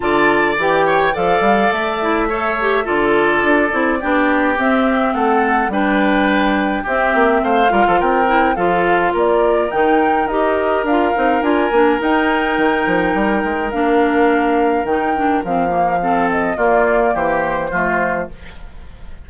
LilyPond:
<<
  \new Staff \with { instrumentName = "flute" } { \time 4/4 \tempo 4 = 105 a''4 g''4 f''4 e''4~ | e''4 d''2. | e''4 fis''4 g''2 | e''4 f''4 g''4 f''4 |
d''4 g''4 dis''4 f''4 | gis''4 g''2. | f''2 g''4 f''4~ | f''8 dis''8 d''4 c''2 | }
  \new Staff \with { instrumentName = "oboe" } { \time 4/4 d''4. cis''8 d''2 | cis''4 a'2 g'4~ | g'4 a'4 b'2 | g'4 c''8 ais'16 a'16 ais'4 a'4 |
ais'1~ | ais'1~ | ais'1 | a'4 f'4 g'4 f'4 | }
  \new Staff \with { instrumentName = "clarinet" } { \time 4/4 f'4 g'4 a'4. e'8 | a'8 g'8 f'4. e'8 d'4 | c'2 d'2 | c'4. f'4 e'8 f'4~ |
f'4 dis'4 g'4 f'8 dis'8 | f'8 d'8 dis'2. | d'2 dis'8 d'8 c'8 ais8 | c'4 ais2 a4 | }
  \new Staff \with { instrumentName = "bassoon" } { \time 4/4 d4 e4 f8 g8 a4~ | a4 d4 d'8 c'8 b4 | c'4 a4 g2 | c'8 ais8 a8 g16 f16 c'4 f4 |
ais4 dis4 dis'4 d'8 c'8 | d'8 ais8 dis'4 dis8 f8 g8 gis8 | ais2 dis4 f4~ | f4 ais4 e4 f4 | }
>>